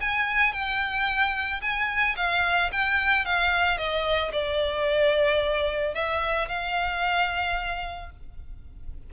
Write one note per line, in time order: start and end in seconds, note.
0.00 0.52 G#5
0.52 1.60 G5
1.61 2.15 G#5
2.16 2.70 F5
2.72 3.25 G5
3.25 3.77 F5
3.77 4.31 D#5
4.32 5.94 D5
5.94 6.48 E5
6.48 8.10 F5